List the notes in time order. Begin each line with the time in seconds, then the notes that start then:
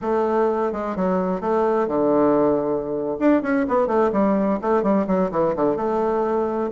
0.01 A3
0.72 G#3
0.96 F#3
1.40 A3
1.87 D3
3.19 D4
3.42 C#4
3.68 B3
3.87 A3
4.12 G3
4.61 A3
4.82 G3
5.07 F#3
5.31 E3
5.56 D3
5.76 A3